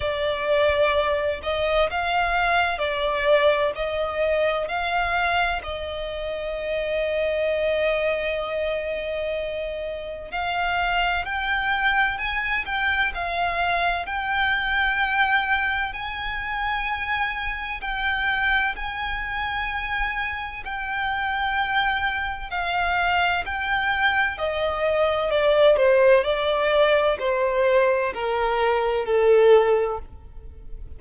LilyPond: \new Staff \with { instrumentName = "violin" } { \time 4/4 \tempo 4 = 64 d''4. dis''8 f''4 d''4 | dis''4 f''4 dis''2~ | dis''2. f''4 | g''4 gis''8 g''8 f''4 g''4~ |
g''4 gis''2 g''4 | gis''2 g''2 | f''4 g''4 dis''4 d''8 c''8 | d''4 c''4 ais'4 a'4 | }